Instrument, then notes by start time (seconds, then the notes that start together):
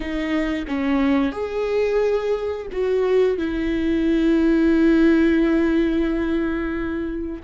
viola
0.00 D#4
0.67 C#4
1.32 G#4
2.72 F#4
3.37 E4